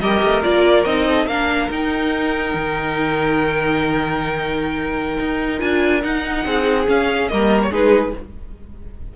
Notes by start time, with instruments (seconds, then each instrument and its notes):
0.00 cello G3, viola G4, violin A#4 D#5
0.23 cello A3
0.42 cello A#3, viola F4, violin D5
0.85 cello C4, viola D#4, violin D#5
1.08 violin A4
1.26 cello A#3, viola D4, violin A#4 F5
1.70 cello D#4, viola D#4, violin G5
2.54 cello D#3
5.19 cello D#4
5.59 cello D4, viola F4, violin G#5
6.01 viola D#4, cello D#4, violin F#5
6.45 cello C4, violin G#4
6.86 viola C#4, cello C#4, violin F5
7.28 cello G3, viola A#3, violin A#4 D#5
7.62 violin C#5
7.71 cello G#3, viola D#4, violin G#4 B4